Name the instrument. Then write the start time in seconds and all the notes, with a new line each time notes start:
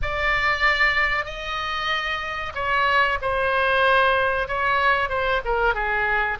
oboe
0.02 D5
1.25 D#5
2.54 C#5
3.21 C5
4.48 C#5
5.09 C5
5.45 A#4
5.74 G#4